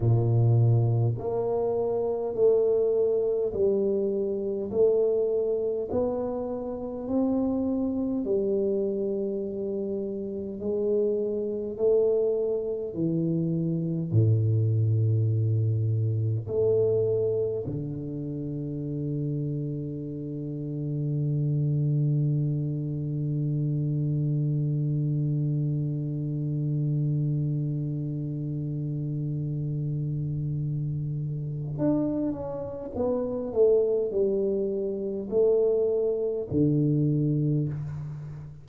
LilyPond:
\new Staff \with { instrumentName = "tuba" } { \time 4/4 \tempo 4 = 51 ais,4 ais4 a4 g4 | a4 b4 c'4 g4~ | g4 gis4 a4 e4 | a,2 a4 d4~ |
d1~ | d1~ | d2. d'8 cis'8 | b8 a8 g4 a4 d4 | }